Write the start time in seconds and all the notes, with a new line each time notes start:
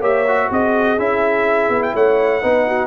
0.00 A#3 G4 C#5 E5
0.28 F#4
0.50 C4 G#4 D#5
0.98 C#4 E4 E5
1.69 B3
1.83 G5
1.94 A3 C#5 F#5
2.42 B3 D#4 B4
2.67 F#4